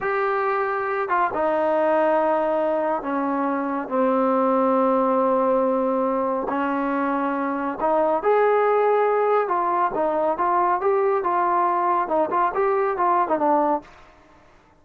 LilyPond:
\new Staff \with { instrumentName = "trombone" } { \time 4/4 \tempo 4 = 139 g'2~ g'8 f'8 dis'4~ | dis'2. cis'4~ | cis'4 c'2.~ | c'2. cis'4~ |
cis'2 dis'4 gis'4~ | gis'2 f'4 dis'4 | f'4 g'4 f'2 | dis'8 f'8 g'4 f'8. dis'16 d'4 | }